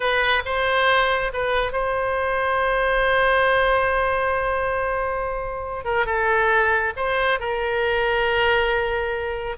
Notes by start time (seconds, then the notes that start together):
0.00 B4
0.45 C5
1.33 B4
1.72 C5
5.84 A#4
6.06 A4
6.96 C5
7.39 A#4